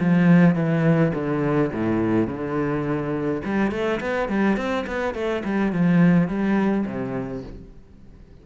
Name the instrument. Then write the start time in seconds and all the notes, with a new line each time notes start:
cello
0.00 F3
0.55 E3
1.14 D3
1.73 A2
2.27 D3
3.45 G3
3.71 A3
4.00 B3
4.29 G3
4.57 C4
4.87 B3
5.15 A3
5.44 G3
5.72 F3
6.28 G3
6.86 C3